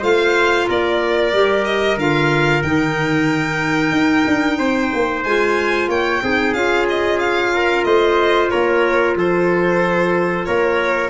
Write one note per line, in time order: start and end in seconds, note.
0.00 0.68 A3
0.00 1.32 F4
0.00 0.65 C5
0.00 0.69 F5
0.68 1.33 A#3
0.68 4.59 A#4
0.68 1.65 D5
1.33 1.97 G3
1.33 1.99 G4
1.65 1.98 D#5
1.97 2.62 D3
1.97 2.64 F4
1.97 2.63 F5
2.63 3.92 D#3
2.63 5.26 D#4
2.63 5.24 G5
3.92 4.25 D#4
4.27 4.59 D4
4.59 4.92 C4
4.59 5.89 C5
4.94 5.25 A#3
5.24 5.88 G#3
5.24 6.23 F4
5.24 5.89 G#5
5.88 6.21 A#3
5.88 6.22 C#5
5.88 6.54 G5
6.23 6.54 C4
6.23 6.55 D#4
6.23 7.54 G#4
6.54 7.84 C#4
6.54 11.10 F4
6.54 6.87 F5
6.89 7.20 D#5
7.20 7.85 F5
7.54 7.87 A#4
7.85 8.51 A3
7.85 8.52 C5
7.85 8.50 D#5
8.50 9.16 A#3
8.50 9.17 A#4
8.50 9.16 C#5
9.16 10.46 F3
9.16 10.47 A4
9.16 10.46 C5
10.46 11.10 A#3
10.46 11.10 A#4
10.46 11.10 C#5